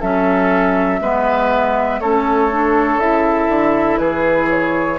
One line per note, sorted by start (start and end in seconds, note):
0.00 1.01 F#3
0.00 1.01 C#4
0.00 1.00 A4
0.00 2.00 E5
1.01 2.01 G#3
1.01 2.01 B3
1.01 2.01 B4
2.00 2.97 A3
2.00 2.51 C#4
2.00 4.00 A4
2.00 3.00 C#5
2.51 3.00 D4
2.97 3.47 C#3
2.97 4.99 E4
2.97 3.98 E5
3.49 3.99 D3
3.98 4.99 E3
3.98 4.99 G#4
3.98 4.48 B4
4.50 4.99 C#5